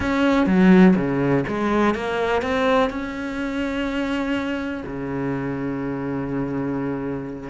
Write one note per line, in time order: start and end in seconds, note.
0.00 0.46 C#4
0.46 0.94 F#3
0.95 1.44 C#3
1.47 1.94 G#3
1.94 2.42 A#3
2.42 2.89 C4
2.89 4.83 C#4
4.86 7.49 C#3